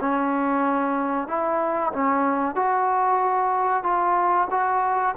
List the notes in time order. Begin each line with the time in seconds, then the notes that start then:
0.00 C#4
1.27 E4
1.92 C#4
2.55 F#4
3.83 F4
4.50 F#4